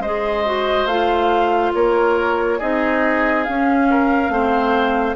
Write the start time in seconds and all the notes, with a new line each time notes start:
0.00 G#3 G#4 C5 D#5
0.46 F#4
0.86 A3 F4 F5
1.74 A#3 A#4 C#5
2.59 C4 D#4 G#4 D#5
3.44 C#4 F5
3.90 A#4
4.29 A3 C4 C5